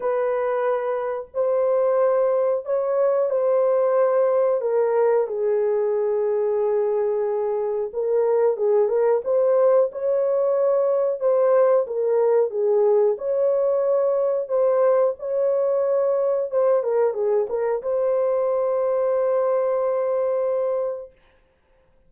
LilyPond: \new Staff \with { instrumentName = "horn" } { \time 4/4 \tempo 4 = 91 b'2 c''2 | cis''4 c''2 ais'4 | gis'1 | ais'4 gis'8 ais'8 c''4 cis''4~ |
cis''4 c''4 ais'4 gis'4 | cis''2 c''4 cis''4~ | cis''4 c''8 ais'8 gis'8 ais'8 c''4~ | c''1 | }